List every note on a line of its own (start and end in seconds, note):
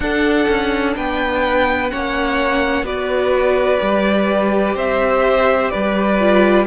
0.00 0.47 D4
0.00 1.92 D4
0.00 0.96 A4
0.00 0.93 F#5
0.48 0.96 C#4
0.96 1.92 B3
0.96 1.91 B4
0.96 1.90 G5
1.90 2.82 A#3
1.90 2.85 C#4
1.90 2.85 C#5
1.90 2.85 F#5
2.82 3.77 B3
2.82 3.80 F#4
2.82 4.75 B4
2.82 4.76 D5
3.80 4.75 G3
3.80 6.18 G4
4.75 5.71 C4
4.75 5.70 C5
4.75 5.70 E5
5.70 6.66 G3
5.70 6.65 B4
5.70 6.65 D5
6.19 6.66 F4